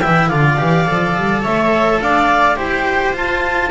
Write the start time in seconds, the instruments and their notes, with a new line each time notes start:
0.00 double bass E3, cello E4, viola E5, clarinet G5
0.28 double bass D3, cello F4, viola D5, clarinet F5
0.58 double bass E3, cello G4
0.86 double bass F3, cello A4
1.17 double bass G3
1.42 double bass A3, viola C#5, clarinet E5
2.01 double bass D4, viola D5, clarinet F5
2.56 double bass E4, cello G4, viola C5, clarinet G5
3.14 cello F4, double bass F4, clarinet A5